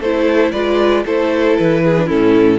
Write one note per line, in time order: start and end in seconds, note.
0.00 0.52 A3
0.00 0.54 E4
0.00 0.52 A4
0.00 0.52 C5
0.52 1.05 G#3
0.52 1.05 F4
0.52 1.04 B4
0.52 1.04 D5
1.06 1.58 A3
1.06 1.96 E4
1.06 1.84 A4
1.06 1.57 C5
1.57 2.11 E3
1.57 2.09 B4
1.84 2.06 G#4
1.97 2.07 D4
2.06 2.59 C#4
2.06 2.58 E4
2.06 2.59 A4
2.12 2.59 A2